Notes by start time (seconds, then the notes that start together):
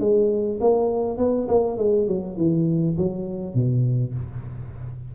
0.00 G#3
0.61 A#3
1.18 B3
1.49 A#3
1.78 G#3
2.08 F#3
2.37 E3
2.98 F#3
3.55 B2